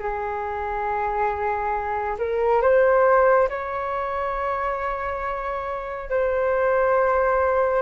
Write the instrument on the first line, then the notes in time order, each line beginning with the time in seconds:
flute
0.00 G#4
2.19 A#4
2.62 C5
3.49 C#5
6.10 C5